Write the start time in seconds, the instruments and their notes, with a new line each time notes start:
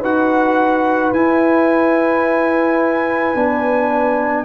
0.00 tuba D#4, trombone F#4, horn B4, trumpet F#5
1.12 tuba E4, trombone E4, trumpet G#5
3.35 tuba B3, trombone D4